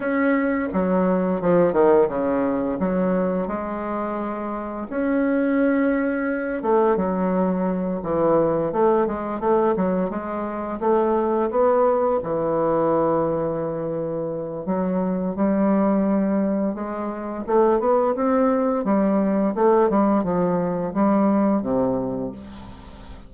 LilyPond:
\new Staff \with { instrumentName = "bassoon" } { \time 4/4 \tempo 4 = 86 cis'4 fis4 f8 dis8 cis4 | fis4 gis2 cis'4~ | cis'4. a8 fis4. e8~ | e8 a8 gis8 a8 fis8 gis4 a8~ |
a8 b4 e2~ e8~ | e4 fis4 g2 | gis4 a8 b8 c'4 g4 | a8 g8 f4 g4 c4 | }